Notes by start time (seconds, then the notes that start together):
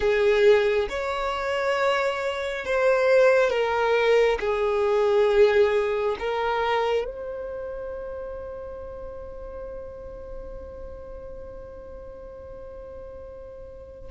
0.00 G#4
0.89 C#5
2.65 C5
3.50 A#4
4.40 G#4
6.19 A#4
7.05 C5